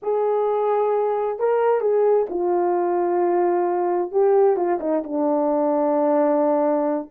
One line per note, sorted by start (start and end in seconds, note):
0.02 1.39 G#4
1.39 1.80 A#4
1.80 2.26 G#4
2.29 4.11 F4
4.11 4.56 G4
4.56 4.79 F4
4.80 5.03 D#4
5.03 7.10 D4